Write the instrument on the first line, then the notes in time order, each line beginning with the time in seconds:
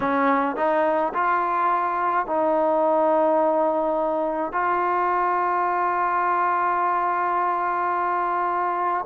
trombone
0.00 C#4
0.56 D#4
1.13 F4
2.26 D#4
4.52 F4